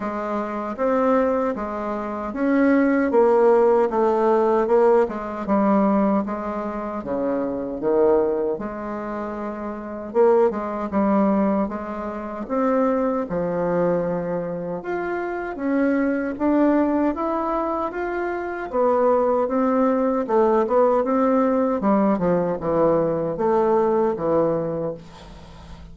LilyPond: \new Staff \with { instrumentName = "bassoon" } { \time 4/4 \tempo 4 = 77 gis4 c'4 gis4 cis'4 | ais4 a4 ais8 gis8 g4 | gis4 cis4 dis4 gis4~ | gis4 ais8 gis8 g4 gis4 |
c'4 f2 f'4 | cis'4 d'4 e'4 f'4 | b4 c'4 a8 b8 c'4 | g8 f8 e4 a4 e4 | }